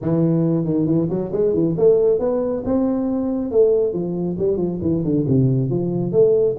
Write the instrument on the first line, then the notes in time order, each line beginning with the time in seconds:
tuba
0.01 E3
0.64 D#3
0.86 E3
1.09 F#3
1.32 G#3
1.53 E3
1.77 A3
2.19 B3
2.65 C4
3.51 A3
3.93 F3
4.38 G3
4.57 F3
4.81 E3
5.03 D3
5.27 C3
5.69 F3
6.12 A3